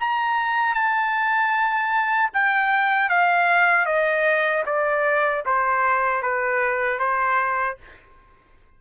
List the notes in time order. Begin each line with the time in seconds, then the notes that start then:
0.00 A#5
0.74 A5
2.33 G5
3.09 F5
3.85 D#5
4.66 D5
5.46 C5
6.22 B4
6.99 C5